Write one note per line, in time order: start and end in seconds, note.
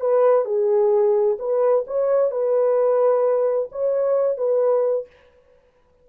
0.00 0.44 B4
0.44 1.37 G#4
1.38 1.85 B4
1.87 2.30 C#5
2.30 3.69 B4
3.71 4.37 C#5
4.37 5.06 B4